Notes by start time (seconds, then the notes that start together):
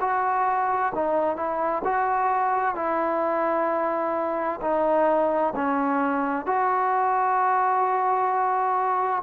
0.00 F#4
0.94 D#4
1.36 E4
1.84 F#4
2.75 E4
4.61 D#4
5.56 C#4
6.46 F#4